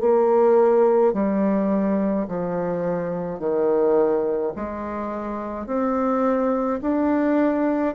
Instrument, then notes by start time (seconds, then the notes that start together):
bassoon
0.00 A#3
1.14 G3
2.28 F3
3.40 D#3
4.56 G#3
5.67 C4
6.82 D4